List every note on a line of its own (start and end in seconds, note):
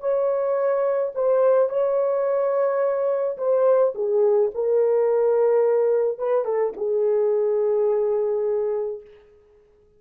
0.00 1.12 C#5
1.15 1.69 C5
1.69 3.37 C#5
3.38 3.94 C5
3.95 4.51 G#4
4.54 6.18 A#4
6.18 6.45 B4
6.45 6.73 A4
6.77 9.01 G#4